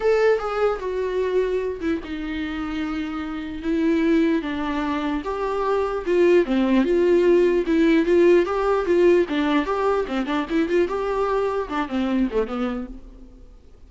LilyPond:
\new Staff \with { instrumentName = "viola" } { \time 4/4 \tempo 4 = 149 a'4 gis'4 fis'2~ | fis'8 e'8 dis'2.~ | dis'4 e'2 d'4~ | d'4 g'2 f'4 |
c'4 f'2 e'4 | f'4 g'4 f'4 d'4 | g'4 c'8 d'8 e'8 f'8 g'4~ | g'4 d'8 c'4 a8 b4 | }